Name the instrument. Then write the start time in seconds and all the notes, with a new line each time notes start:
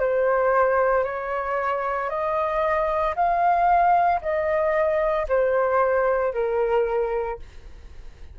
flute
0.00 C5
1.05 C#5
2.10 D#5
3.16 F5
4.22 D#5
5.29 C5
6.34 A#4